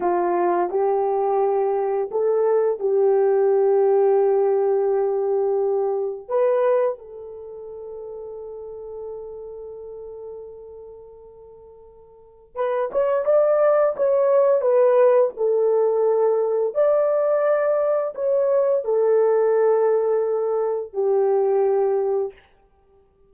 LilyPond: \new Staff \with { instrumentName = "horn" } { \time 4/4 \tempo 4 = 86 f'4 g'2 a'4 | g'1~ | g'4 b'4 a'2~ | a'1~ |
a'2 b'8 cis''8 d''4 | cis''4 b'4 a'2 | d''2 cis''4 a'4~ | a'2 g'2 | }